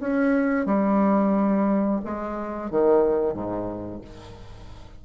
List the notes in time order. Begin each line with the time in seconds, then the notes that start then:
0.00 C#4
0.66 G3
2.04 G#3
2.70 D#3
3.33 G#2